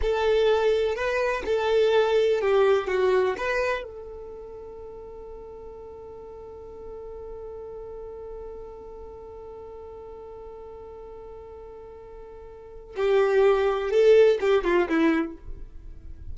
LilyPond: \new Staff \with { instrumentName = "violin" } { \time 4/4 \tempo 4 = 125 a'2 b'4 a'4~ | a'4 g'4 fis'4 b'4 | a'1~ | a'1~ |
a'1~ | a'1~ | a'2. g'4~ | g'4 a'4 g'8 f'8 e'4 | }